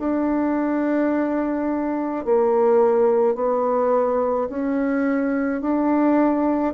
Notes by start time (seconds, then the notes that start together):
0.00 D4
2.25 A#3
3.35 B3
4.50 C#4
5.61 D4